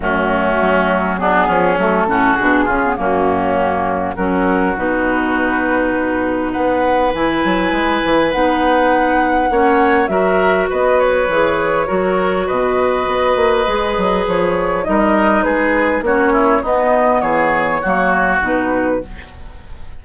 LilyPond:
<<
  \new Staff \with { instrumentName = "flute" } { \time 4/4 \tempo 4 = 101 fis'2 gis'4 a'4 | gis'4 fis'2 ais'4 | b'2. fis''4 | gis''2 fis''2~ |
fis''4 e''4 dis''8 cis''4.~ | cis''4 dis''2. | cis''4 dis''4 b'4 cis''4 | dis''4 cis''2 b'4 | }
  \new Staff \with { instrumentName = "oboe" } { \time 4/4 cis'2 d'8 cis'4 fis'8~ | fis'8 f'8 cis'2 fis'4~ | fis'2. b'4~ | b'1 |
cis''4 ais'4 b'2 | ais'4 b'2.~ | b'4 ais'4 gis'4 fis'8 e'8 | dis'4 gis'4 fis'2 | }
  \new Staff \with { instrumentName = "clarinet" } { \time 4/4 a2 b4 a8 cis'8 | d'8 cis'16 b16 ais2 cis'4 | dis'1 | e'2 dis'2 |
cis'4 fis'2 gis'4 | fis'2. gis'4~ | gis'4 dis'2 cis'4 | b2 ais4 dis'4 | }
  \new Staff \with { instrumentName = "bassoon" } { \time 4/4 fis,4 fis4. f8 fis8 a,8 | b,8 cis8 fis,2 fis4 | b,2. b4 | e8 fis8 gis8 e8 b2 |
ais4 fis4 b4 e4 | fis4 b,4 b8 ais8 gis8 fis8 | f4 g4 gis4 ais4 | b4 e4 fis4 b,4 | }
>>